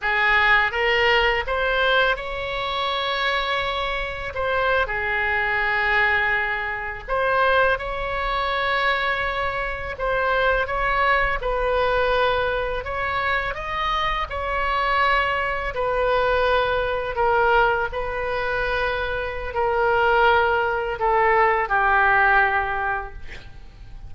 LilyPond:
\new Staff \with { instrumentName = "oboe" } { \time 4/4 \tempo 4 = 83 gis'4 ais'4 c''4 cis''4~ | cis''2 c''8. gis'4~ gis'16~ | gis'4.~ gis'16 c''4 cis''4~ cis''16~ | cis''4.~ cis''16 c''4 cis''4 b'16~ |
b'4.~ b'16 cis''4 dis''4 cis''16~ | cis''4.~ cis''16 b'2 ais'16~ | ais'8. b'2~ b'16 ais'4~ | ais'4 a'4 g'2 | }